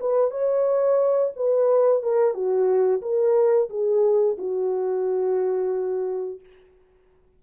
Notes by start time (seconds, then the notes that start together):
0.00 B4
0.31 C#5
1.36 B4
2.03 A#4
2.34 F#4
3.02 A#4
3.70 G#4
4.38 F#4